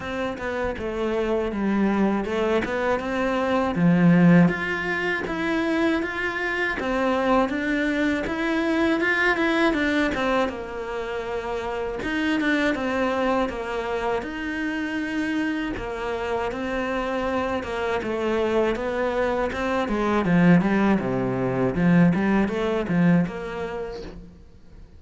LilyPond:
\new Staff \with { instrumentName = "cello" } { \time 4/4 \tempo 4 = 80 c'8 b8 a4 g4 a8 b8 | c'4 f4 f'4 e'4 | f'4 c'4 d'4 e'4 | f'8 e'8 d'8 c'8 ais2 |
dis'8 d'8 c'4 ais4 dis'4~ | dis'4 ais4 c'4. ais8 | a4 b4 c'8 gis8 f8 g8 | c4 f8 g8 a8 f8 ais4 | }